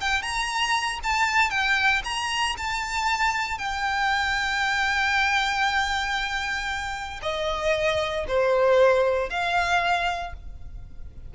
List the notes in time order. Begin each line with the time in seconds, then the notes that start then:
0.00 G5
0.22 A#5
1.03 A5
1.50 G5
2.04 A#5
2.57 A5
3.58 G5
7.22 D#5
8.28 C5
9.29 F5